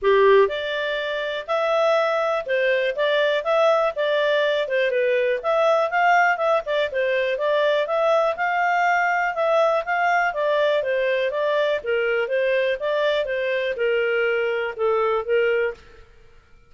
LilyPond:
\new Staff \with { instrumentName = "clarinet" } { \time 4/4 \tempo 4 = 122 g'4 d''2 e''4~ | e''4 c''4 d''4 e''4 | d''4. c''8 b'4 e''4 | f''4 e''8 d''8 c''4 d''4 |
e''4 f''2 e''4 | f''4 d''4 c''4 d''4 | ais'4 c''4 d''4 c''4 | ais'2 a'4 ais'4 | }